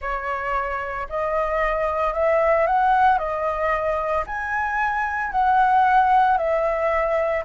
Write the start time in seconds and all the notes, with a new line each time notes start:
0.01 C#5
1.09 D#5
2.13 E5
2.67 F#5
3.18 D#5
4.26 G#5
5.31 F#5
6.37 E5